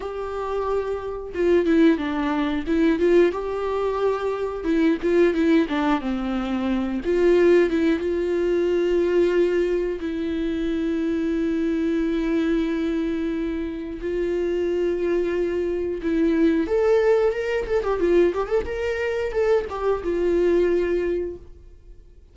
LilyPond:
\new Staff \with { instrumentName = "viola" } { \time 4/4 \tempo 4 = 90 g'2 f'8 e'8 d'4 | e'8 f'8 g'2 e'8 f'8 | e'8 d'8 c'4. f'4 e'8 | f'2. e'4~ |
e'1~ | e'4 f'2. | e'4 a'4 ais'8 a'16 g'16 f'8 g'16 a'16 | ais'4 a'8 g'8 f'2 | }